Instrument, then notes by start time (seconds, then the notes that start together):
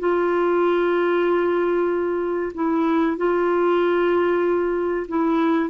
clarinet
0.00 F4
2.55 E4
3.18 F4
5.09 E4